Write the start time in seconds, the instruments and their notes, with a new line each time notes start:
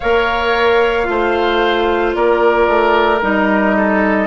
0.00 bassoon A#3, clarinet A#4, oboe C#5, flute F5
1.03 bassoon A3, clarinet F4
1.10 oboe C5
2.14 bassoon A#3, oboe A#4, flute D5
2.67 bassoon A3
3.22 bassoon G3, clarinet D#4, flute D#5
3.76 oboe A4